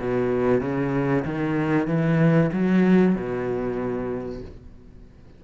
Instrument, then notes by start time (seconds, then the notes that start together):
cello
0.00 B2
0.61 C#3
1.25 D#3
1.87 E3
2.53 F#3
3.15 B2